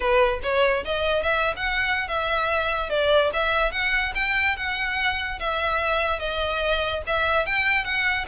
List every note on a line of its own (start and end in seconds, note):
0.00 0.40 B4
0.43 0.84 C#5
0.85 1.23 D#5
1.23 1.54 E5
1.56 2.08 F#5
2.08 2.89 E5
2.89 3.30 D5
3.33 3.71 E5
3.71 4.13 F#5
4.15 4.56 G5
4.56 5.39 F#5
5.39 6.19 E5
6.19 7.02 D#5
7.06 7.46 E5
7.46 7.84 G5
7.84 8.25 F#5